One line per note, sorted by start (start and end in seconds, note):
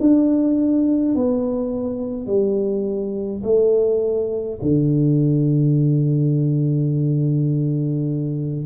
0.00 1.15 D4
1.15 2.27 B3
2.27 3.42 G3
3.44 4.59 A3
4.62 8.65 D3